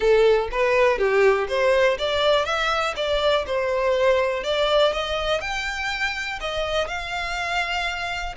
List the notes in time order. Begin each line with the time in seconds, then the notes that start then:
0.00 A4
0.51 B4
0.98 G4
1.48 C5
1.98 D5
2.45 E5
2.96 D5
3.46 C5
4.43 D5
4.92 D#5
5.41 G5
6.40 D#5
6.87 F5